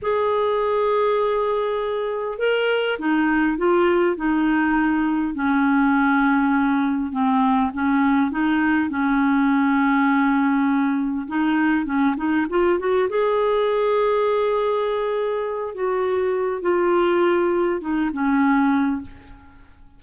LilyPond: \new Staff \with { instrumentName = "clarinet" } { \time 4/4 \tempo 4 = 101 gis'1 | ais'4 dis'4 f'4 dis'4~ | dis'4 cis'2. | c'4 cis'4 dis'4 cis'4~ |
cis'2. dis'4 | cis'8 dis'8 f'8 fis'8 gis'2~ | gis'2~ gis'8 fis'4. | f'2 dis'8 cis'4. | }